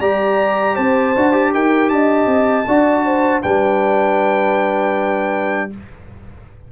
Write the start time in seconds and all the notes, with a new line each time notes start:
0.00 G3 G4 D5 A#5
0.75 C4 C5 A5
1.16 D4 F#4
1.32 G4
1.53 D#4 A#4 G5
1.89 D4 D#5 A5
2.26 C4
2.67 D4 F#4 D5
3.06 C5
3.42 G3 D4 B4 G5